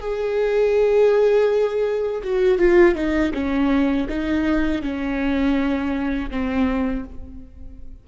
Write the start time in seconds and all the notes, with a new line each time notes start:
0.00 G#4
2.23 F#4
2.58 F4
2.95 D#4
3.34 C#4
4.09 D#4
4.82 C#4
6.30 C4